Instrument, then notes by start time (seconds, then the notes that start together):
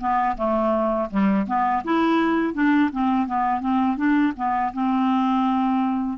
clarinet
0.00 B3
0.37 A3
1.10 G3
1.47 B3
1.84 E4
2.54 D4
2.92 C4
3.27 B3
3.60 C4
3.97 D4
4.36 B3
4.73 C4